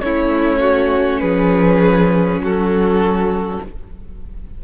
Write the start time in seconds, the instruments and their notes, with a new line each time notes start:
0.00 cello A3, viola C#4, violin E4 C#5
0.60 violin F#4
1.19 cello F3, violin G#4 B4
2.39 cello F#3, violin F#4 A4